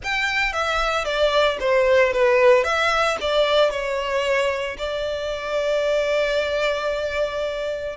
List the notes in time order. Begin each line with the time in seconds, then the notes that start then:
0.03 G5
0.52 E5
1.04 D5
1.59 C5
2.12 B4
2.64 E5
3.20 D5
3.70 C#5
4.78 D5